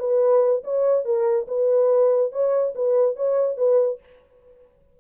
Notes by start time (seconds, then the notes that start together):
0.00 B4
0.64 C#5
1.05 A#4
1.48 B4
2.32 C#5
2.75 B4
3.16 C#5
3.58 B4